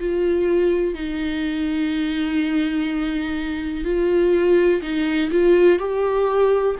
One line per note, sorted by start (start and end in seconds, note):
0.00 0.95 F4
0.95 3.85 D#4
3.85 4.82 F4
4.83 5.31 D#4
5.32 5.79 F4
5.79 6.76 G4